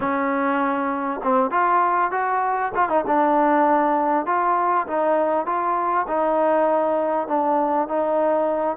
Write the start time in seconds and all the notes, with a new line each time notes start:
0.00 C#4
1.23 C4
1.50 F4
2.11 F#4
2.74 F4
2.89 D#4
3.06 D4
4.26 F4
4.87 D#4
5.45 F4
6.07 D#4
7.27 D4
7.88 D#4